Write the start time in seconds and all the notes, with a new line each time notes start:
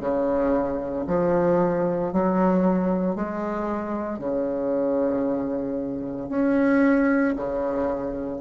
0.00 C#3
1.07 F3
2.12 F#3
3.15 G#3
4.19 C#3
6.29 C#4
7.36 C#3